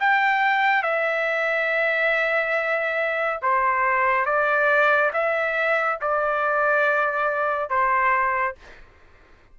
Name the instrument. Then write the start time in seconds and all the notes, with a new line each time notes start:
trumpet
0.00 G5
0.83 E5
3.42 C5
4.25 D5
5.13 E5
6.01 D5
7.69 C5